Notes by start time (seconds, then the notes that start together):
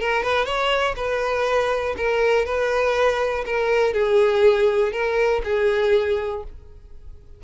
0.00 A#4
0.23 B4
0.45 C#5
0.96 B4
1.97 A#4
2.45 B4
3.46 A#4
3.93 G#4
4.92 A#4
5.44 G#4